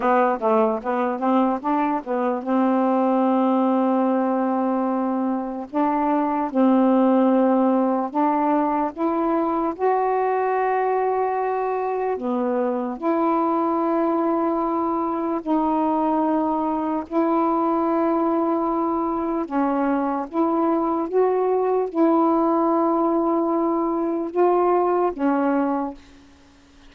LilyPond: \new Staff \with { instrumentName = "saxophone" } { \time 4/4 \tempo 4 = 74 b8 a8 b8 c'8 d'8 b8 c'4~ | c'2. d'4 | c'2 d'4 e'4 | fis'2. b4 |
e'2. dis'4~ | dis'4 e'2. | cis'4 e'4 fis'4 e'4~ | e'2 f'4 cis'4 | }